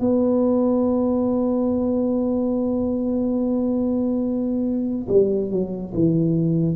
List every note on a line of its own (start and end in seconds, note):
0.00 5.07 B3
5.09 5.51 G3
5.51 5.93 F#3
5.94 6.76 E3